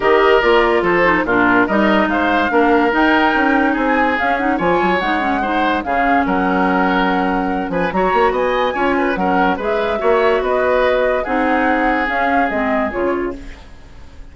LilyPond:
<<
  \new Staff \with { instrumentName = "flute" } { \time 4/4 \tempo 4 = 144 dis''4 d''4 c''4 ais'4 | dis''4 f''2 g''4~ | g''4 gis''4 f''8 fis''8 gis''4 | fis''2 f''4 fis''4~ |
fis''2~ fis''8 gis''8 ais''4 | gis''2 fis''4 e''4~ | e''4 dis''2 fis''4~ | fis''4 f''4 dis''4 cis''4 | }
  \new Staff \with { instrumentName = "oboe" } { \time 4/4 ais'2 a'4 f'4 | ais'4 c''4 ais'2~ | ais'4 gis'2 cis''4~ | cis''4 c''4 gis'4 ais'4~ |
ais'2~ ais'8 b'8 cis''4 | dis''4 cis''8 b'8 ais'4 b'4 | cis''4 b'2 gis'4~ | gis'1 | }
  \new Staff \with { instrumentName = "clarinet" } { \time 4/4 g'4 f'4. dis'8 d'4 | dis'2 d'4 dis'4~ | dis'2 cis'8 dis'8 f'4 | dis'8 cis'8 dis'4 cis'2~ |
cis'2. fis'4~ | fis'4 f'4 cis'4 gis'4 | fis'2. dis'4~ | dis'4 cis'4 c'4 f'4 | }
  \new Staff \with { instrumentName = "bassoon" } { \time 4/4 dis4 ais4 f4 ais,4 | g4 gis4 ais4 dis'4 | cis'4 c'4 cis'4 f8 fis8 | gis2 cis4 fis4~ |
fis2~ fis8 f8 fis8 ais8 | b4 cis'4 fis4 gis4 | ais4 b2 c'4~ | c'4 cis'4 gis4 cis4 | }
>>